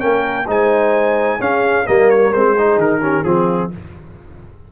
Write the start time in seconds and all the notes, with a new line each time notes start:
0.00 A#3 C#4 A#4 G5
0.47 G#3 D#4 C5 G#5
1.40 C#4 G#4 F5
1.87 G3 A#3 A#4 D#5
2.11 C#5
2.33 G#3 C4 C5
2.55 D#4 G#4
2.78 D#3 A#4
3.02 C#4 G4
3.24 F3 C4 F4 G#4